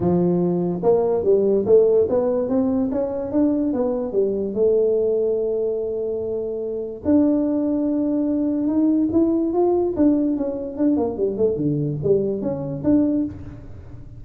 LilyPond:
\new Staff \with { instrumentName = "tuba" } { \time 4/4 \tempo 4 = 145 f2 ais4 g4 | a4 b4 c'4 cis'4 | d'4 b4 g4 a4~ | a1~ |
a4 d'2.~ | d'4 dis'4 e'4 f'4 | d'4 cis'4 d'8 ais8 g8 a8 | d4 g4 cis'4 d'4 | }